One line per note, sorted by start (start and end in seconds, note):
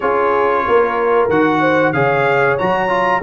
0.00 0.66 C#4
0.00 1.30 F4
0.00 0.63 G#4
0.00 1.29 C#5
0.67 1.28 A#3
0.67 1.60 A#4
1.28 1.93 D#3
1.28 1.94 F#4
1.28 1.92 F#5
1.60 1.92 C5
1.92 2.57 C#3
1.92 2.58 G#4
1.92 3.23 C#5
1.92 2.56 F5
2.58 3.23 F#3
2.58 2.88 F#4
2.58 3.22 A#5
2.88 3.21 F4